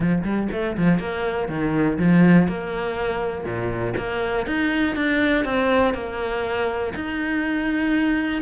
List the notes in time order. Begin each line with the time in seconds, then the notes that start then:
0.00 F3
0.23 G3
0.52 A3
0.77 F3
0.99 A#3
1.48 D#3
1.98 F3
2.48 A#3
3.44 A#2
3.97 A#3
4.46 D#4
4.95 D4
5.44 C4
5.94 A#3
6.95 D#4